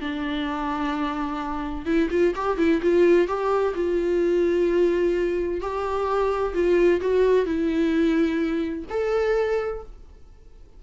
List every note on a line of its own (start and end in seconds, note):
0.00 1.85 D4
1.85 2.09 E4
2.10 2.33 F4
2.35 2.57 G4
2.57 2.80 E4
2.82 3.27 F4
3.27 3.74 G4
3.74 5.60 F4
5.60 6.53 G4
6.54 7.00 F4
7.01 7.45 F#4
7.45 8.85 E4
8.89 9.82 A4